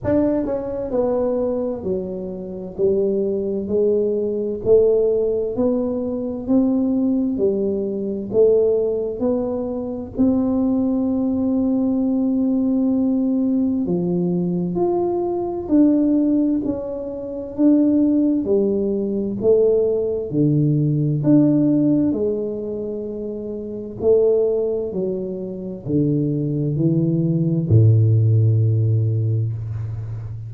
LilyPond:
\new Staff \with { instrumentName = "tuba" } { \time 4/4 \tempo 4 = 65 d'8 cis'8 b4 fis4 g4 | gis4 a4 b4 c'4 | g4 a4 b4 c'4~ | c'2. f4 |
f'4 d'4 cis'4 d'4 | g4 a4 d4 d'4 | gis2 a4 fis4 | d4 e4 a,2 | }